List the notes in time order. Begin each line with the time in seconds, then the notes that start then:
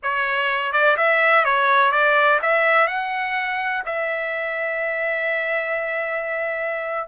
0.02 C#5
0.72 D5
0.96 E5
1.44 C#5
1.91 D5
2.42 E5
2.87 F#5
3.85 E5